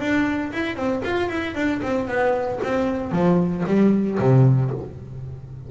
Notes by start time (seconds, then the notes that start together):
0.00 D4
0.53 E4
0.76 C4
1.05 F4
1.29 E4
1.55 D4
1.83 C4
2.08 B3
2.63 C4
3.12 F3
3.67 G3
4.19 C3